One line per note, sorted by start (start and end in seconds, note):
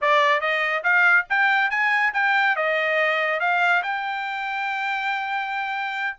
0.01 0.40 D5
0.40 0.83 D#5
0.83 1.26 F5
1.29 1.70 G5
1.70 2.13 G#5
2.13 2.56 G5
2.56 3.39 D#5
3.39 3.82 F5
3.82 6.16 G5